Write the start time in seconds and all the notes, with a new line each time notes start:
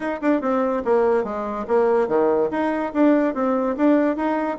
0.00 D#4
0.21 D4
0.41 C4
0.84 A#3
1.23 G#3
1.67 A#3
2.08 D#3
2.50 D#4
2.93 D4
3.34 C4
3.76 D4
4.16 D#4